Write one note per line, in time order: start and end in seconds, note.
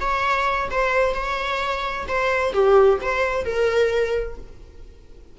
0.00 0.69 C#5
0.71 1.14 C5
1.14 2.07 C#5
2.08 2.53 C5
2.53 2.99 G4
3.01 3.45 C5
3.45 4.37 A#4